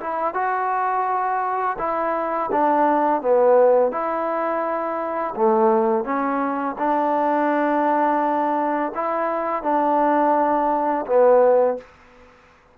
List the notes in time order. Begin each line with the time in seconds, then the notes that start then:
0.00 E4
0.34 F#4
1.79 E4
2.52 D4
3.22 B3
3.92 E4
5.36 A3
6.05 C#4
6.78 D4
8.95 E4
9.63 D4
11.06 B3